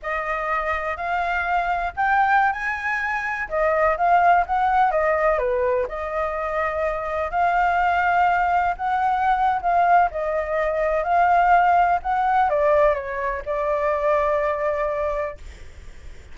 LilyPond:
\new Staff \with { instrumentName = "flute" } { \time 4/4 \tempo 4 = 125 dis''2 f''2 | g''4~ g''16 gis''2 dis''8.~ | dis''16 f''4 fis''4 dis''4 b'8.~ | b'16 dis''2. f''8.~ |
f''2~ f''16 fis''4.~ fis''16 | f''4 dis''2 f''4~ | f''4 fis''4 d''4 cis''4 | d''1 | }